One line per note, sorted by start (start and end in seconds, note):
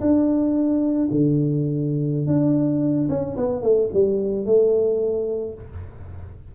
0.00 1.08 D4
1.11 2.27 D3
2.27 3.08 D4
3.09 3.36 C#4
3.36 3.62 B3
3.62 3.89 A3
3.93 4.45 G3
4.45 5.54 A3